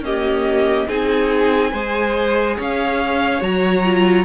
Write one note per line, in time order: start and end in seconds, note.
0.00 0.87 A#3
0.00 0.85 C#4
0.00 0.88 G4
0.00 0.89 D#5
0.87 1.73 C4
0.87 1.72 D#4
0.87 1.71 G#4
0.87 2.58 G#5
1.71 2.57 G#3
1.71 3.41 G#4
1.71 2.55 C5
2.57 3.41 C#4
2.57 4.24 C#5
2.57 3.42 F5
3.41 4.24 F#3
3.41 3.83 F#4
3.41 4.24 A#5
3.84 4.24 F4